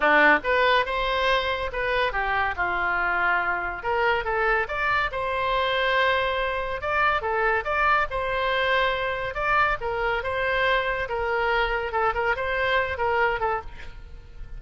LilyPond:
\new Staff \with { instrumentName = "oboe" } { \time 4/4 \tempo 4 = 141 d'4 b'4 c''2 | b'4 g'4 f'2~ | f'4 ais'4 a'4 d''4 | c''1 |
d''4 a'4 d''4 c''4~ | c''2 d''4 ais'4 | c''2 ais'2 | a'8 ais'8 c''4. ais'4 a'8 | }